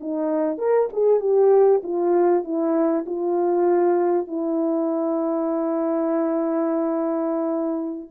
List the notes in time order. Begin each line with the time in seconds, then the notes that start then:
0.00 D#4
0.58 A#4
0.93 G#4
1.20 G4
1.83 F4
2.44 E4
3.06 F4
4.27 E4